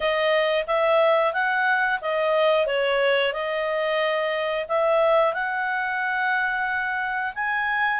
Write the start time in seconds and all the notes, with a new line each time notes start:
0.00 D#5
0.66 E5
1.33 F#5
2.01 D#5
2.66 C#5
3.32 D#5
4.68 E5
5.33 F#5
7.34 G#5